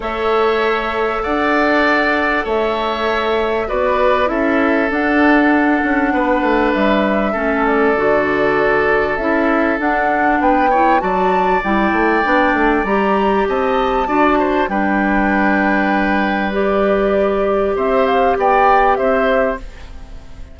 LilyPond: <<
  \new Staff \with { instrumentName = "flute" } { \time 4/4 \tempo 4 = 98 e''2 fis''2 | e''2 d''4 e''4 | fis''2. e''4~ | e''8 d''2~ d''8 e''4 |
fis''4 g''4 a''4 g''4~ | g''4 ais''4 a''2 | g''2. d''4~ | d''4 e''8 f''8 g''4 e''4 | }
  \new Staff \with { instrumentName = "oboe" } { \time 4/4 cis''2 d''2 | cis''2 b'4 a'4~ | a'2 b'2 | a'1~ |
a'4 b'8 cis''8 d''2~ | d''2 dis''4 d''8 c''8 | b'1~ | b'4 c''4 d''4 c''4 | }
  \new Staff \with { instrumentName = "clarinet" } { \time 4/4 a'1~ | a'2 fis'4 e'4 | d'1 | cis'4 fis'2 e'4 |
d'4. e'8 fis'4 e'4 | d'4 g'2 fis'4 | d'2. g'4~ | g'1 | }
  \new Staff \with { instrumentName = "bassoon" } { \time 4/4 a2 d'2 | a2 b4 cis'4 | d'4. cis'8 b8 a8 g4 | a4 d2 cis'4 |
d'4 b4 fis4 g8 a8 | b8 a8 g4 c'4 d'4 | g1~ | g4 c'4 b4 c'4 | }
>>